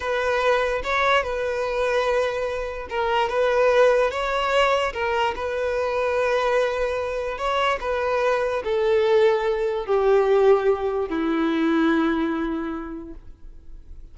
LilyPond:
\new Staff \with { instrumentName = "violin" } { \time 4/4 \tempo 4 = 146 b'2 cis''4 b'4~ | b'2. ais'4 | b'2 cis''2 | ais'4 b'2.~ |
b'2 cis''4 b'4~ | b'4 a'2. | g'2. e'4~ | e'1 | }